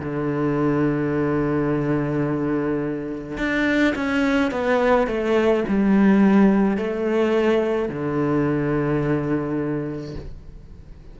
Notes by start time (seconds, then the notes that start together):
0.00 D3
3.38 D4
3.96 C#4
4.52 B3
5.07 A3
5.68 G3
6.78 A3
7.89 D3